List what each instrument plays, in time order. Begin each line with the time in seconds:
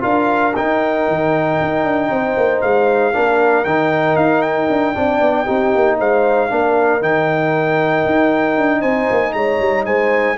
0.00 tuba D4, trombone F4, horn A#4, trumpet F5
0.56 trombone D#4, tuba D#4, trumpet G5
1.08 tuba D#3
1.61 tuba D#4
1.83 tuba D4
2.10 tuba C4, horn C5
2.36 tuba A#3
2.61 tuba G#3, trumpet F5
3.13 tuba A#3, trombone D4, horn A#4
3.65 tuba D#3, trombone D#4, trumpet G5
4.16 tuba D#4, trumpet F5
4.42 trumpet G5
4.70 tuba D4
4.94 tuba C4, trombone D4, horn D5
5.20 tuba B3
5.44 tuba C4, trombone D#4, horn G4
5.75 tuba A#3
5.98 tuba G#3, horn C5, trumpet F5
6.50 tuba A#3, trombone D4, horn A#4
7.01 tuba D#3, trombone D#4, trumpet G5
8.06 tuba D#4
8.57 tuba D4
8.80 tuba C4, horn C5, trumpet G#5
9.10 tuba A#3
9.32 tuba G#3, horn C#5, trumpet A#5
9.59 tuba G3
9.85 tuba G#3, horn C5, trumpet G#5